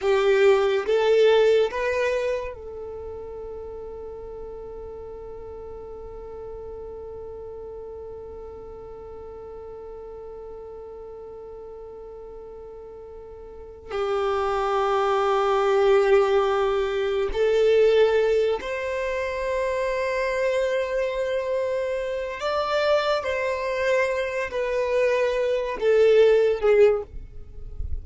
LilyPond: \new Staff \with { instrumentName = "violin" } { \time 4/4 \tempo 4 = 71 g'4 a'4 b'4 a'4~ | a'1~ | a'1~ | a'1~ |
a'8 g'2.~ g'8~ | g'8 a'4. c''2~ | c''2~ c''8 d''4 c''8~ | c''4 b'4. a'4 gis'8 | }